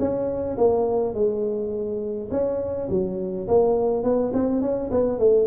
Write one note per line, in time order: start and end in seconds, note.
0.00 0.58 C#4
0.58 1.15 A#3
1.15 2.30 G#3
2.32 2.89 C#4
2.90 3.48 F#3
3.48 4.04 A#3
4.04 4.33 B3
4.34 4.62 C4
4.62 4.91 C#4
4.91 5.19 B3
5.19 5.48 A3